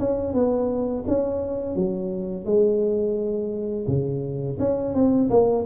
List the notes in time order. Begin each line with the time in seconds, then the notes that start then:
0.00 C#4
0.34 B3
1.08 C#4
1.76 F#3
2.46 G#3
3.88 C#3
4.60 C#4
4.95 C4
5.31 A#3